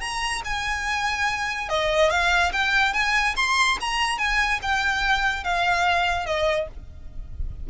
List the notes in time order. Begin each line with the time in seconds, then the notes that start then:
0.00 A#5
0.44 G#5
1.69 D#5
2.10 F5
2.52 G5
2.93 G#5
3.36 C6
3.80 A#5
4.18 G#5
4.62 G5
5.44 F5
6.26 D#5